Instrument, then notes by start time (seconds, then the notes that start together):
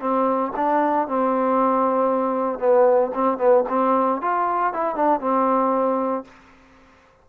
trombone
0.00 C4
0.56 D4
1.08 C4
2.59 B3
3.14 C4
3.38 B3
3.69 C4
4.21 F4
4.73 E4
4.95 D4
5.20 C4